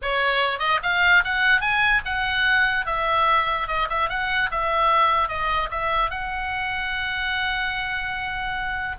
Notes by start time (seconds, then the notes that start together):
0.02 C#5
0.59 D#5
0.82 F5
1.24 F#5
1.60 G#5
2.05 F#5
2.86 E5
3.67 D#5
3.89 E5
4.09 F#5
4.51 E5
5.28 D#5
5.71 E5
6.10 F#5